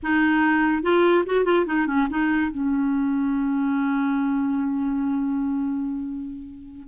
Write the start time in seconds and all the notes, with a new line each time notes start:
0.02 D#4
0.82 F4
1.26 F#4
1.44 F4
1.66 D#4
1.86 C#4
2.09 D#4
2.51 C#4